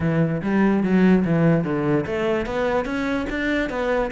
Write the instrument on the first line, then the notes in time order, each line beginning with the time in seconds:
cello
0.00 E3
0.41 G3
0.83 F#3
1.24 E3
1.64 D3
2.06 A3
2.46 B3
2.85 C#4
3.29 D4
3.69 B3